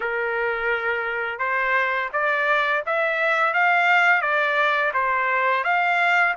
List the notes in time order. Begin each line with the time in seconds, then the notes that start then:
0.00 A#4
1.39 C5
2.12 D5
2.86 E5
3.53 F5
4.21 D5
4.93 C5
5.63 F5